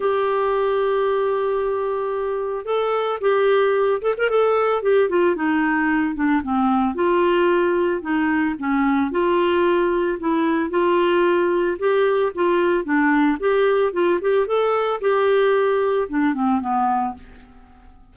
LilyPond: \new Staff \with { instrumentName = "clarinet" } { \time 4/4 \tempo 4 = 112 g'1~ | g'4 a'4 g'4. a'16 ais'16 | a'4 g'8 f'8 dis'4. d'8 | c'4 f'2 dis'4 |
cis'4 f'2 e'4 | f'2 g'4 f'4 | d'4 g'4 f'8 g'8 a'4 | g'2 d'8 c'8 b4 | }